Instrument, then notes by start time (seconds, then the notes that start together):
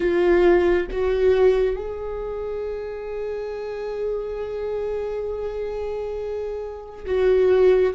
viola
0.00 F4
0.91 F#4
1.76 G#4
7.05 F#4